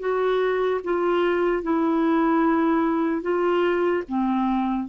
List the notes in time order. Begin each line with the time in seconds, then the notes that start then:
0.00 F#4
0.84 F4
1.63 E4
3.22 F4
4.09 C4